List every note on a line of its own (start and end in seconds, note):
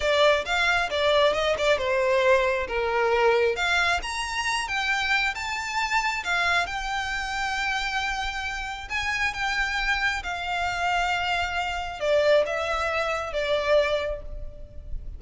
0.00 0.44 D5
0.45 0.89 F5
0.90 1.33 D5
1.33 1.55 D#5
1.58 1.78 D5
1.78 2.67 C5
2.67 3.56 A#4
3.56 4.00 F5
4.02 4.67 A#5
4.67 5.34 G5
5.34 6.23 A5
6.24 6.66 F5
6.66 8.88 G5
8.89 9.33 G#5
9.33 10.22 G5
10.23 12.00 F5
12.00 12.44 D5
12.46 13.33 E5
13.33 14.21 D5